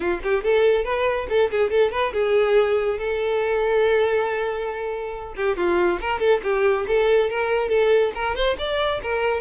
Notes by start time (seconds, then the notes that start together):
0.00 F4
0.23 G4
0.43 A4
0.84 B4
1.29 A4
1.50 G#4
1.70 A4
1.91 B4
2.13 G#4
2.98 A4
5.36 G4
5.56 F4
6.01 A#4
6.19 A4
6.43 G4
6.87 A4
7.30 A#4
7.69 A4
8.14 A#4
8.35 C5
8.58 D5
9.02 A#4